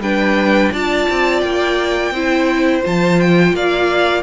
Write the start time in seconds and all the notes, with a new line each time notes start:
0.00 G3 D4 B4 G5
0.72 D4 F4 D5 A5
1.10 C4
1.41 A#3 G5
2.11 C4 E4 C5
2.82 F3 F4 A5
3.21 G5
3.53 A#3 D5 F5